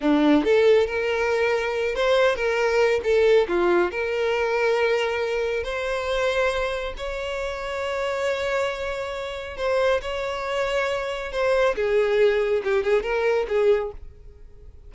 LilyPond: \new Staff \with { instrumentName = "violin" } { \time 4/4 \tempo 4 = 138 d'4 a'4 ais'2~ | ais'8 c''4 ais'4. a'4 | f'4 ais'2.~ | ais'4 c''2. |
cis''1~ | cis''2 c''4 cis''4~ | cis''2 c''4 gis'4~ | gis'4 g'8 gis'8 ais'4 gis'4 | }